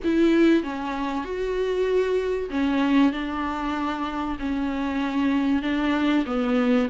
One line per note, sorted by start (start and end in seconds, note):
0.04 0.62 E4
0.62 1.24 C#4
1.24 2.49 F#4
2.49 3.12 C#4
3.12 4.37 D4
4.39 5.62 C#4
5.62 6.25 D4
6.26 6.88 B3